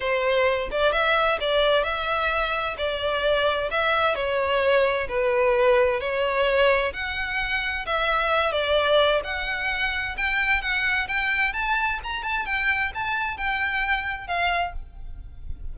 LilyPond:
\new Staff \with { instrumentName = "violin" } { \time 4/4 \tempo 4 = 130 c''4. d''8 e''4 d''4 | e''2 d''2 | e''4 cis''2 b'4~ | b'4 cis''2 fis''4~ |
fis''4 e''4. d''4. | fis''2 g''4 fis''4 | g''4 a''4 ais''8 a''8 g''4 | a''4 g''2 f''4 | }